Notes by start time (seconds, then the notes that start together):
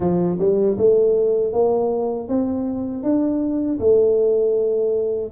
0.00 F3
0.39 G3
0.77 A3
1.52 A#3
2.28 C4
3.03 D4
3.79 A3